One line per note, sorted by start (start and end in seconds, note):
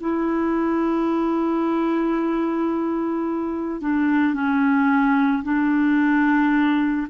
0.00 3.81 E4
3.81 4.33 D4
4.33 5.42 C#4
5.43 7.07 D4